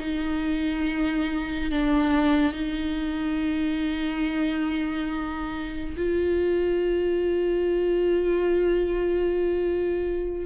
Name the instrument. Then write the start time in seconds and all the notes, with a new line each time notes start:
viola
0.00 D#4
1.71 D4
2.53 D#4
5.97 F4